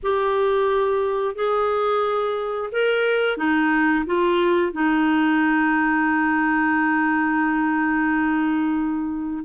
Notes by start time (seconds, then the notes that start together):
0.02 G4
1.35 G#4
2.72 A#4
3.37 D#4
4.06 F4
4.72 D#4